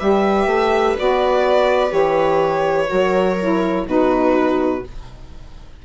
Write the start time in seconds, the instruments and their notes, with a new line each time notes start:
0.00 bassoon G3, saxophone G4, viola B4, violin E5
0.47 bassoon A3
0.97 bassoon B3, saxophone F#4, violin D5
1.89 bassoon E3, saxophone G4, violin C#5
2.87 bassoon F#3, saxophone F#4, viola A#4
3.41 saxophone E4
3.86 bassoon B2, saxophone D#4, viola F#4, violin B4